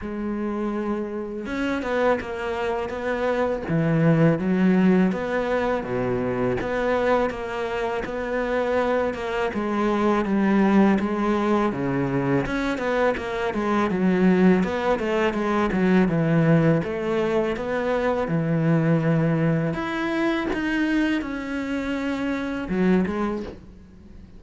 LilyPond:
\new Staff \with { instrumentName = "cello" } { \time 4/4 \tempo 4 = 82 gis2 cis'8 b8 ais4 | b4 e4 fis4 b4 | b,4 b4 ais4 b4~ | b8 ais8 gis4 g4 gis4 |
cis4 cis'8 b8 ais8 gis8 fis4 | b8 a8 gis8 fis8 e4 a4 | b4 e2 e'4 | dis'4 cis'2 fis8 gis8 | }